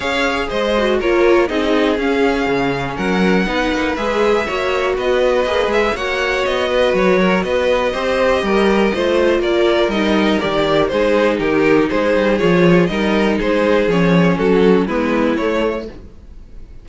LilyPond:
<<
  \new Staff \with { instrumentName = "violin" } { \time 4/4 \tempo 4 = 121 f''4 dis''4 cis''4 dis''4 | f''2 fis''2 | e''2 dis''4. e''8 | fis''4 dis''4 cis''4 dis''4~ |
dis''2. d''4 | dis''4 d''4 c''4 ais'4 | c''4 cis''4 dis''4 c''4 | cis''4 a'4 b'4 cis''4 | }
  \new Staff \with { instrumentName = "violin" } { \time 4/4 cis''4 c''4 ais'4 gis'4~ | gis'2 ais'4 b'4~ | b'4 cis''4 b'2 | cis''4. b'4 ais'8 b'4 |
c''4 ais'4 c''4 ais'4~ | ais'2 gis'4 g'4 | gis'2 ais'4 gis'4~ | gis'4 fis'4 e'2 | }
  \new Staff \with { instrumentName = "viola" } { \time 4/4 gis'4. fis'8 f'4 dis'4 | cis'2. dis'4 | gis'4 fis'2 gis'4 | fis'1 |
g'2 f'2 | dis'4 g'4 dis'2~ | dis'4 f'4 dis'2 | cis'2 b4 a4 | }
  \new Staff \with { instrumentName = "cello" } { \time 4/4 cis'4 gis4 ais4 c'4 | cis'4 cis4 fis4 b8 ais8 | gis4 ais4 b4 ais8 gis8 | ais4 b4 fis4 b4 |
c'4 g4 a4 ais4 | g4 dis4 gis4 dis4 | gis8 g8 f4 g4 gis4 | f4 fis4 gis4 a4 | }
>>